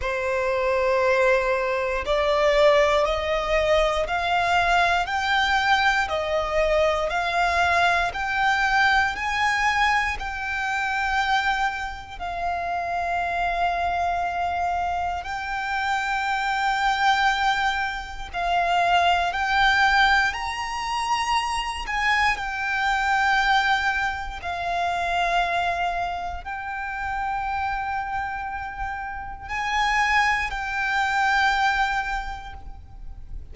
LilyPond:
\new Staff \with { instrumentName = "violin" } { \time 4/4 \tempo 4 = 59 c''2 d''4 dis''4 | f''4 g''4 dis''4 f''4 | g''4 gis''4 g''2 | f''2. g''4~ |
g''2 f''4 g''4 | ais''4. gis''8 g''2 | f''2 g''2~ | g''4 gis''4 g''2 | }